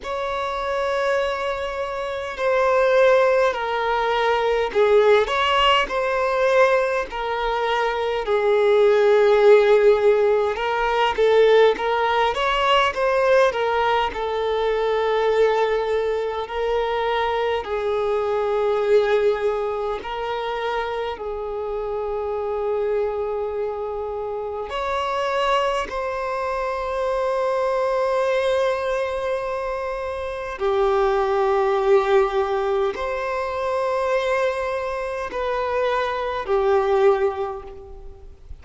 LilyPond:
\new Staff \with { instrumentName = "violin" } { \time 4/4 \tempo 4 = 51 cis''2 c''4 ais'4 | gis'8 cis''8 c''4 ais'4 gis'4~ | gis'4 ais'8 a'8 ais'8 cis''8 c''8 ais'8 | a'2 ais'4 gis'4~ |
gis'4 ais'4 gis'2~ | gis'4 cis''4 c''2~ | c''2 g'2 | c''2 b'4 g'4 | }